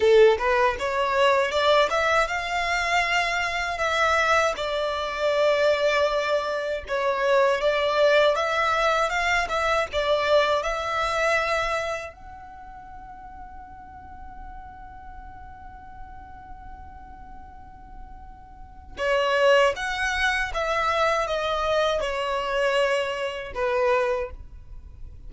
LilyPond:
\new Staff \with { instrumentName = "violin" } { \time 4/4 \tempo 4 = 79 a'8 b'8 cis''4 d''8 e''8 f''4~ | f''4 e''4 d''2~ | d''4 cis''4 d''4 e''4 | f''8 e''8 d''4 e''2 |
fis''1~ | fis''1~ | fis''4 cis''4 fis''4 e''4 | dis''4 cis''2 b'4 | }